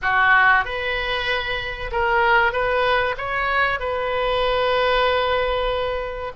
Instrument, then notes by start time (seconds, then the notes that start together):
oboe
0.01 F#4
0.64 B4
1.91 A#4
2.52 B4
3.17 C#5
3.79 B4